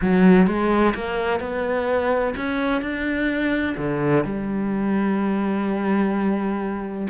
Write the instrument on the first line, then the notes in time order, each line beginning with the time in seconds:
cello
0.01 F#3
0.46 G#3
0.94 A#3
1.40 B3
2.36 C#4
2.81 D4
3.77 D3
4.24 G3